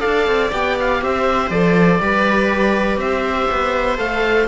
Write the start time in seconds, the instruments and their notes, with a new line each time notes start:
0.00 cello D4, viola A4 D5, oboe F5
0.27 cello C4
0.52 cello B3, viola G4, oboe G5
0.80 oboe F5
1.02 cello C4, viola C5, oboe E5
1.50 cello F3, viola A4, oboe D5
2.00 cello G3, viola G4 B4
2.97 cello C4, viola C5, oboe E5
3.52 cello B3
3.98 cello A3, viola A4, oboe F5